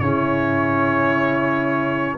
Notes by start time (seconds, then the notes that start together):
0.00 C#3 C#4 E4 C#5